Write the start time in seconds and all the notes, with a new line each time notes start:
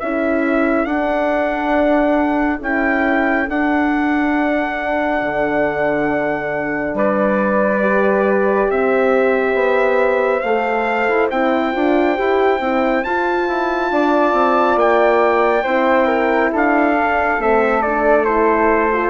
0.00 C#4 E4 A4 E5
0.86 D4 F#5
2.61 C#4 E4 G5
3.49 D4 F#5
5.22 D3
6.94 G3 B4 D5
7.81 G4
8.69 C4 C5 E5
9.54 B3
10.40 A3 F5
10.47 A4
11.09 E4
11.31 C4 E4 G5
11.73 D4 F4
12.16 E4 G4
12.60 C4 E4
13.05 F4 A5
13.49 E4
13.92 D4 D5
14.33 C4
14.76 A#3 G5
15.64 C4 E4 C5
16.07 A#4
16.53 D4 A4 F5
16.95 D4
17.39 A3 C4 E5
17.82 D4 D5
18.25 E4 C5
18.93 F4